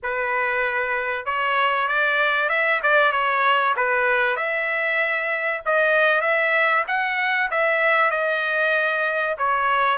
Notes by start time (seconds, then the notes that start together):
0.02 B4
1.25 C#5
1.88 D5
2.49 E5
2.82 D5
3.12 C#5
3.76 B4
4.36 E5
5.65 D#5
6.21 E5
6.87 F#5
7.50 E5
8.11 D#5
9.38 C#5